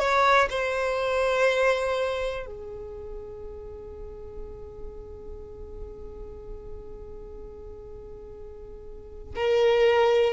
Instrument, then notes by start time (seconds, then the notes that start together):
violin
0.00 C#5
0.50 C5
2.46 G#4
9.35 A#4